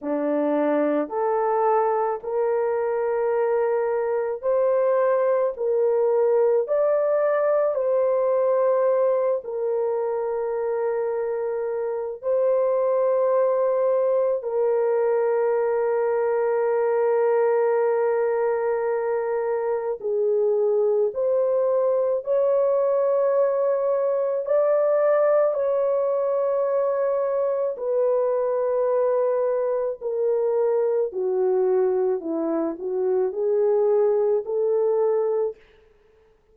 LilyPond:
\new Staff \with { instrumentName = "horn" } { \time 4/4 \tempo 4 = 54 d'4 a'4 ais'2 | c''4 ais'4 d''4 c''4~ | c''8 ais'2~ ais'8 c''4~ | c''4 ais'2.~ |
ais'2 gis'4 c''4 | cis''2 d''4 cis''4~ | cis''4 b'2 ais'4 | fis'4 e'8 fis'8 gis'4 a'4 | }